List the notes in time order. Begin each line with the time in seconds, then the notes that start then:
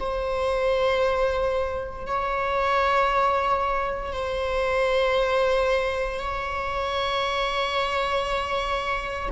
0.00 C5
2.06 C#5
4.12 C5
6.19 C#5